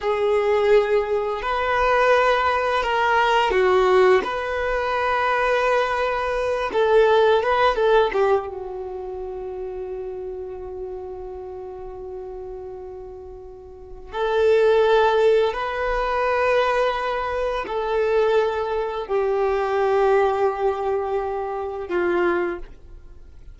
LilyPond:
\new Staff \with { instrumentName = "violin" } { \time 4/4 \tempo 4 = 85 gis'2 b'2 | ais'4 fis'4 b'2~ | b'4. a'4 b'8 a'8 g'8 | fis'1~ |
fis'1 | a'2 b'2~ | b'4 a'2 g'4~ | g'2. f'4 | }